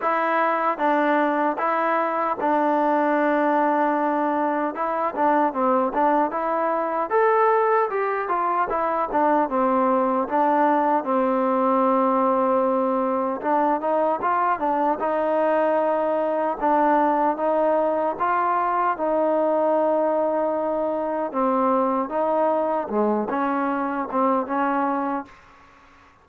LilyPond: \new Staff \with { instrumentName = "trombone" } { \time 4/4 \tempo 4 = 76 e'4 d'4 e'4 d'4~ | d'2 e'8 d'8 c'8 d'8 | e'4 a'4 g'8 f'8 e'8 d'8 | c'4 d'4 c'2~ |
c'4 d'8 dis'8 f'8 d'8 dis'4~ | dis'4 d'4 dis'4 f'4 | dis'2. c'4 | dis'4 gis8 cis'4 c'8 cis'4 | }